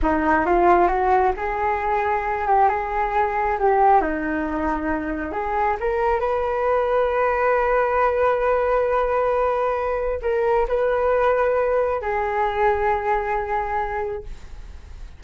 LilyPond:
\new Staff \with { instrumentName = "flute" } { \time 4/4 \tempo 4 = 135 dis'4 f'4 fis'4 gis'4~ | gis'4. g'8 gis'2 | g'4 dis'2. | gis'4 ais'4 b'2~ |
b'1~ | b'2. ais'4 | b'2. gis'4~ | gis'1 | }